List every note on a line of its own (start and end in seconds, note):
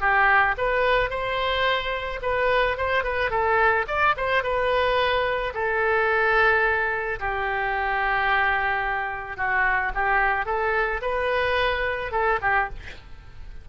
0.00 0.55 G4
0.58 1.10 B4
1.10 2.20 C5
2.22 2.77 B4
2.77 3.04 C5
3.04 3.30 B4
3.30 3.85 A4
3.87 4.15 D5
4.16 4.43 C5
4.43 5.53 B4
5.53 7.19 A4
7.19 9.37 G4
9.37 9.92 F#4
9.94 10.45 G4
10.45 11.00 A4
11.01 12.11 B4
12.11 12.39 A4
12.41 12.69 G4